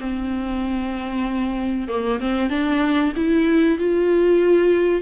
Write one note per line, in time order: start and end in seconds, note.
0.00 1.88 C4
1.88 2.20 A#3
2.20 2.50 C4
2.50 3.13 D4
3.16 3.78 E4
3.78 5.02 F4